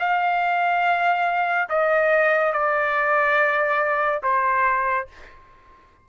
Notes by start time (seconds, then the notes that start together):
0.00 F5
1.70 D#5
2.53 D5
4.23 C5